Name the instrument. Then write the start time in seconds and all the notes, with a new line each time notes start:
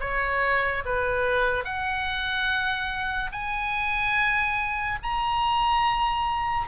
oboe
0.00 C#5
0.85 B4
1.64 F#5
3.32 G#5
5.03 A#5